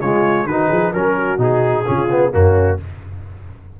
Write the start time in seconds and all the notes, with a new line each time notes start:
0.00 C#3 G#3 F4 C#5
0.45 D#3 D#4 F#4 B4
0.68 F3 G#4
0.92 F#3 C#4 A#4
1.15 F#4
1.37 B2 D#4 G#4
1.85 C#3 C#4 F4
2.10 B3
2.31 F#2 A#3 C#4 F#4